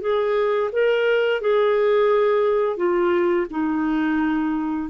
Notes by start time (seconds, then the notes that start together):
0.00 G#4
0.72 A#4
1.40 G#4
2.77 F4
3.50 D#4